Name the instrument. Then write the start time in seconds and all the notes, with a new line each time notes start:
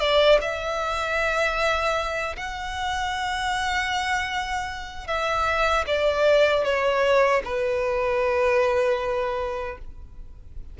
violin
0.00 D5
0.41 E5
2.37 F#5
5.07 E5
5.87 D5
6.64 C#5
7.45 B4